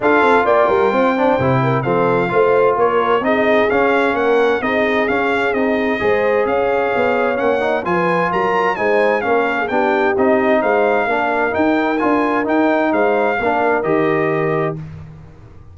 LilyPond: <<
  \new Staff \with { instrumentName = "trumpet" } { \time 4/4 \tempo 4 = 130 f''4 g''2. | f''2 cis''4 dis''4 | f''4 fis''4 dis''4 f''4 | dis''2 f''2 |
fis''4 gis''4 ais''4 gis''4 | f''4 g''4 dis''4 f''4~ | f''4 g''4 gis''4 g''4 | f''2 dis''2 | }
  \new Staff \with { instrumentName = "horn" } { \time 4/4 a'4 d''8 ais'8 c''4. ais'8 | a'4 c''4 ais'4 gis'4~ | gis'4 ais'4 gis'2~ | gis'4 c''4 cis''2~ |
cis''4 b'4 ais'4 c''4 | ais'8. gis'16 g'2 c''4 | ais'1 | c''4 ais'2. | }
  \new Staff \with { instrumentName = "trombone" } { \time 4/4 f'2~ f'8 d'8 e'4 | c'4 f'2 dis'4 | cis'2 dis'4 cis'4 | dis'4 gis'2. |
cis'8 dis'8 f'2 dis'4 | cis'4 d'4 dis'2 | d'4 dis'4 f'4 dis'4~ | dis'4 d'4 g'2 | }
  \new Staff \with { instrumentName = "tuba" } { \time 4/4 d'8 c'8 ais8 g8 c'4 c4 | f4 a4 ais4 c'4 | cis'4 ais4 c'4 cis'4 | c'4 gis4 cis'4 b4 |
ais4 f4 fis4 gis4 | ais4 b4 c'4 gis4 | ais4 dis'4 d'4 dis'4 | gis4 ais4 dis2 | }
>>